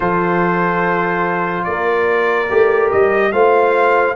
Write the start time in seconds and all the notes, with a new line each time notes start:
0.00 F3 F4 A4 C5
1.64 A#3 A#4 D5
2.49 A3 G4
2.91 G3 D#5
3.32 A3 F4 C5 F5